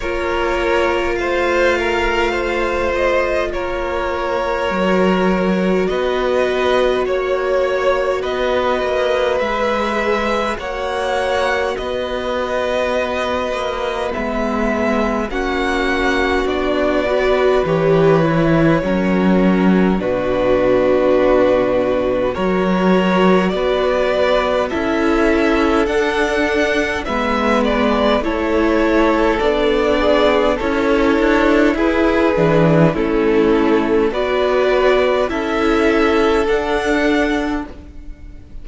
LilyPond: <<
  \new Staff \with { instrumentName = "violin" } { \time 4/4 \tempo 4 = 51 cis''4 f''4. dis''8 cis''4~ | cis''4 dis''4 cis''4 dis''4 | e''4 fis''4 dis''2 | e''4 fis''4 d''4 cis''4~ |
cis''4 b'2 cis''4 | d''4 e''4 fis''4 e''8 d''8 | cis''4 d''4 cis''4 b'4 | a'4 d''4 e''4 fis''4 | }
  \new Staff \with { instrumentName = "violin" } { \time 4/4 ais'4 c''8 ais'8 c''4 ais'4~ | ais'4 b'4 cis''4 b'4~ | b'4 cis''4 b'2~ | b'4 fis'4. b'4. |
ais'4 fis'2 ais'4 | b'4 a'2 b'4 | a'4. gis'8 a'4 gis'4 | e'4 b'4 a'2 | }
  \new Staff \with { instrumentName = "viola" } { \time 4/4 f'1 | fis'1 | gis'4 fis'2. | b4 cis'4 d'8 fis'8 g'8 e'8 |
cis'4 d'2 fis'4~ | fis'4 e'4 d'4 b4 | e'4 d'4 e'4. d'8 | cis'4 fis'4 e'4 d'4 | }
  \new Staff \with { instrumentName = "cello" } { \time 4/4 ais4 a2 ais4 | fis4 b4 ais4 b8 ais8 | gis4 ais4 b4. ais8 | gis4 ais4 b4 e4 |
fis4 b,2 fis4 | b4 cis'4 d'4 gis4 | a4 b4 cis'8 d'8 e'8 e8 | a4 b4 cis'4 d'4 | }
>>